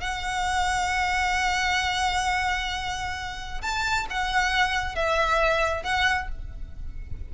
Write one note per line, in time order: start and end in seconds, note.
0.00 3.61 F#5
3.61 4.06 A5
4.09 4.95 F#5
4.95 5.83 E5
5.83 6.28 F#5